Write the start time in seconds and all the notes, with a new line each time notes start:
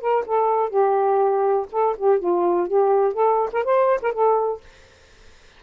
0.00 A#4
0.26 A4
0.69 G4
1.71 A4
1.97 G4
2.19 F4
2.67 G4
3.13 A4
3.52 A#4
3.64 C5
4.02 A#4
4.12 A4